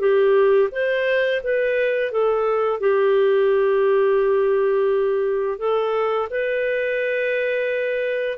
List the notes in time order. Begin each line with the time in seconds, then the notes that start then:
0.00 G4
0.72 C5
1.44 B4
2.12 A4
2.80 G4
5.59 A4
6.30 B4